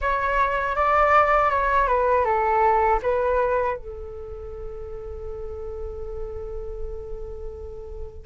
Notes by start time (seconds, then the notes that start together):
0.01 C#5
0.75 D5
1.50 C#5
1.88 B4
2.24 A4
3.02 B4
3.76 A4